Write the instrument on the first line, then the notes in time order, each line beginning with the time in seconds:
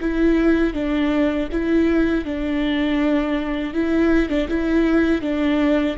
viola
0.00 E4
0.73 D4
1.51 E4
2.24 D4
3.73 E4
4.29 D4
4.48 E4
5.21 D4